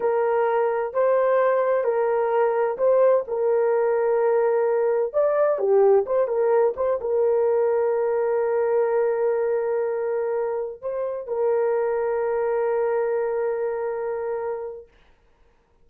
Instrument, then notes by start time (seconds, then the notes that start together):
horn
0.00 A#4
0.93 C5
1.84 A#4
2.77 C5
3.27 A#4
5.13 D5
5.58 G4
6.05 C5
6.27 A#4
6.76 C5
7.00 A#4
10.81 C5
11.27 A#4